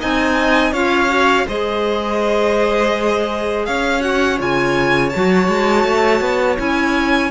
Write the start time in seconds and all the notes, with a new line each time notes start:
0.00 C4 D#4 D#5 G#5
0.72 C#4 F4 C#5 F5
1.09 F#4
1.47 G#3 G#4 C5 D#5
3.66 C#4 C#5 F5
4.00 F#4 F#5
4.38 C#3 F4 G#5
5.09 F#4 A5
5.16 F#3
5.48 G#3
5.85 A3
6.21 B3
6.57 C#4 E4 G#5